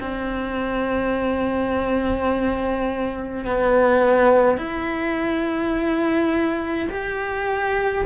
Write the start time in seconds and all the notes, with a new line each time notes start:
0.00 C4
3.45 B3
4.58 E4
6.90 G4